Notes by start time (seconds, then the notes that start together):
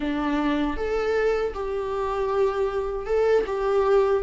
0.00 D4
0.77 A4
1.53 G4
3.06 A4
3.46 G4